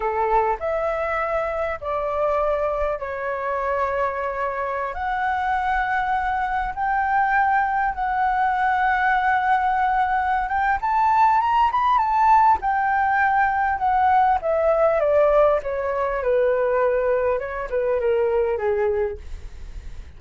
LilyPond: \new Staff \with { instrumentName = "flute" } { \time 4/4 \tempo 4 = 100 a'4 e''2 d''4~ | d''4 cis''2.~ | cis''16 fis''2. g''8.~ | g''4~ g''16 fis''2~ fis''8.~ |
fis''4. g''8 a''4 ais''8 b''8 | a''4 g''2 fis''4 | e''4 d''4 cis''4 b'4~ | b'4 cis''8 b'8 ais'4 gis'4 | }